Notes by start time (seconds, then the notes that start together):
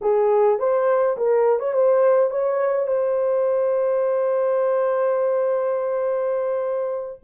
0.01 G#4
0.59 C5
1.17 A#4
1.59 C#5
1.73 C5
2.30 C#5
2.87 C5